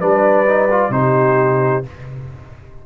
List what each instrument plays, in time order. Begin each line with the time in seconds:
0.00 tuba G3, trombone D4, horn B4, trumpet D5
0.47 trombone D#4
0.71 trombone F4
0.90 tuba C3, trombone D#4, horn G4, trumpet C5